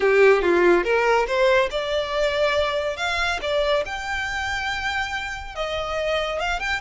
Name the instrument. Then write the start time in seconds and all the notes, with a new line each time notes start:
violin
0.00 G4
0.42 F4
0.84 A#4
1.26 C5
1.70 D5
2.97 F5
3.41 D5
3.85 G5
5.55 D#5
6.39 F5
6.59 G5